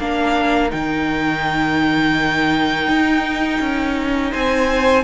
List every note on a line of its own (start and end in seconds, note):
0.00 0.72 A#3
0.00 0.70 D4
0.00 4.32 A#4
0.00 0.71 F5
0.70 2.88 D#3
0.70 5.04 D#4
0.70 4.33 G5
2.88 3.60 D#4
3.60 4.33 C#4
4.32 5.04 C4
4.32 5.04 C5
4.32 5.04 G#5